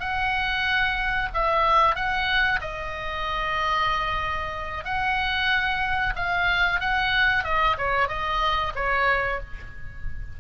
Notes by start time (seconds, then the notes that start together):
0.00 F#5
1.34 E5
1.96 F#5
2.61 D#5
4.85 F#5
6.16 F5
6.81 F#5
7.44 D#5
7.78 C#5
8.09 D#5
8.75 C#5